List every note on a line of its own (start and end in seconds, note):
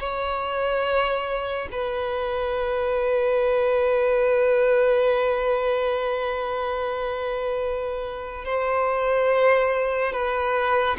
0.00 1.69 C#5
1.72 8.45 B4
8.45 10.13 C5
10.13 10.97 B4